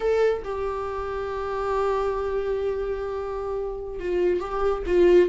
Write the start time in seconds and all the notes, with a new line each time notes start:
0.00 A4
0.44 G4
3.99 F4
4.40 G4
4.86 F4